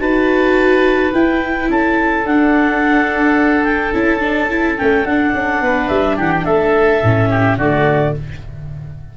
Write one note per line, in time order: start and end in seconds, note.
0.00 1.12 D#4
0.00 1.13 F#4
0.00 1.70 B4
0.00 1.12 A5
1.13 2.25 E4
1.13 1.69 E4
1.13 1.70 G5
1.69 2.25 C#4
1.69 5.64 A4
1.69 2.27 A5
2.25 3.93 D4
2.25 3.94 D4
2.25 3.64 F#5
3.64 3.92 G5
3.94 4.78 C#4
3.94 4.21 E4
3.94 4.78 A5
4.21 4.49 D4
4.51 4.78 E4
4.78 5.05 A3
4.78 5.06 C#4
4.78 5.06 G5
5.05 5.33 D4
5.05 7.05 D4
5.05 5.89 F#5
5.34 5.62 C#4
5.62 5.90 B3
5.62 6.17 B4
5.89 6.18 G3
5.89 6.17 E5
6.17 6.46 E3
6.17 6.45 G4
6.17 6.33 F#5
6.33 6.45 G5
6.45 7.02 A3
6.45 7.30 A4
6.45 7.57 E5
7.03 7.57 A2
7.03 7.61 C#4
7.30 7.58 G4
7.57 8.14 D3
7.57 8.18 A3
7.57 8.14 F#4
7.57 8.15 D5